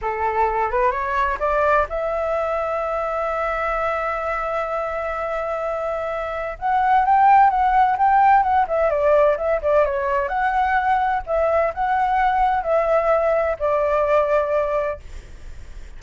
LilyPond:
\new Staff \with { instrumentName = "flute" } { \time 4/4 \tempo 4 = 128 a'4. b'8 cis''4 d''4 | e''1~ | e''1~ | e''2 fis''4 g''4 |
fis''4 g''4 fis''8 e''8 d''4 | e''8 d''8 cis''4 fis''2 | e''4 fis''2 e''4~ | e''4 d''2. | }